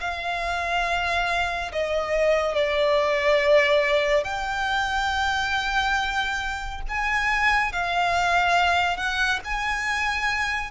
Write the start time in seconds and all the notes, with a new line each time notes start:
0.00 F5
1.72 D#5
2.54 D5
4.24 G5
6.88 G#5
7.72 F5
8.96 F#5
9.44 G#5